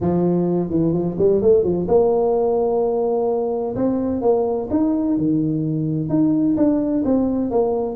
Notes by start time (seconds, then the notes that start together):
0.00 F3
0.70 E3
0.93 F3
1.18 G3
1.41 A3
1.63 F3
1.87 A#3
3.75 C4
4.21 A#3
4.70 D#4
5.17 D#3
6.09 D#4
6.56 D4
7.05 C4
7.51 A#3